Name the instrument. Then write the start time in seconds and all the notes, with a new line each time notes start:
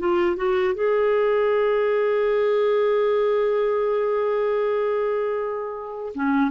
clarinet
0.00 F4
0.37 F#4
0.75 G#4
6.15 C#4